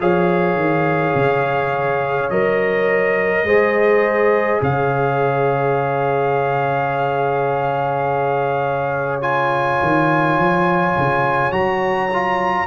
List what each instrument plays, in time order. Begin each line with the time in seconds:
0.00 tuba F3, trombone G#4, horn C#5, trumpet F5
0.55 tuba D#3
1.14 tuba C#3
2.30 tuba F#3, trombone A#4, trumpet D#5
3.43 tuba G#3, trombone G#4, horn C5
4.61 tuba C#3, horn C#5, trumpet F5
9.21 trombone F4, trumpet G#5
9.81 tuba D#3
10.37 tuba F3
10.97 tuba C#3
11.51 tuba F#3, trombone F#4, trumpet A#5
12.12 trombone F4